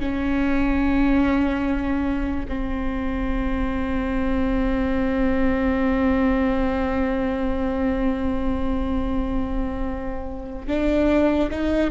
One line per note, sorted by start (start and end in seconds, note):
0.00 2.47 C#4
2.48 10.68 C4
10.68 11.50 D4
11.51 11.91 D#4